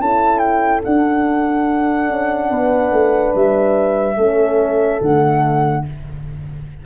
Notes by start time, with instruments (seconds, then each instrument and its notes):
0.00 tuba C#4, horn E4 A4, flute A5
0.39 flute G5
0.84 tuba D4, horn D4, flute F#5
2.10 tuba C#4
2.50 tuba B3, horn B4
2.92 tuba A3
3.35 tuba G3, flute E5
4.17 tuba A3, horn C#4 A4
5.01 tuba D3, horn A3, flute F#5